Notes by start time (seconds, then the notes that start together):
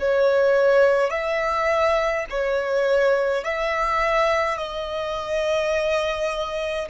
0.00 C#5
1.11 E5
2.30 C#5
3.45 E5
4.58 D#5